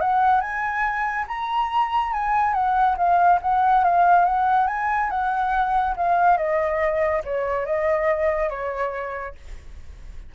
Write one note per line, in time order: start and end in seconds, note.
0.00 0.40 F#5
0.40 1.25 G#5
1.27 2.12 A#5
2.12 2.53 G#5
2.53 2.96 F#5
2.97 3.39 F5
3.41 3.84 F#5
3.84 4.25 F5
4.25 4.67 F#5
4.67 5.10 G#5
5.10 5.95 F#5
5.96 6.37 F5
6.37 7.22 D#5
7.24 7.66 C#5
7.66 8.50 D#5
8.50 9.35 C#5